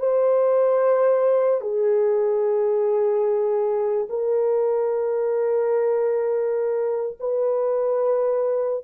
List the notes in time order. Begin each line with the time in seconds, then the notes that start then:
0.00 C5
1.61 G#4
4.10 A#4
7.20 B4